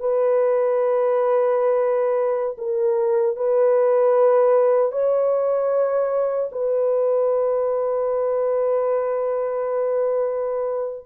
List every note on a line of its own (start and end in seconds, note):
0.00 2.57 B4
2.58 3.36 A#4
3.36 4.92 B4
4.92 6.50 C#5
6.52 11.06 B4